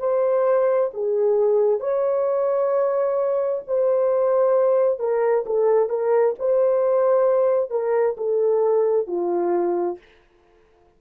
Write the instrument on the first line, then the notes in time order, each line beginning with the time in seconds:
horn
0.00 C5
0.94 G#4
1.81 C#5
3.68 C5
5.00 A#4
5.46 A4
5.90 A#4
6.39 C5
7.71 A#4
8.18 A4
9.07 F4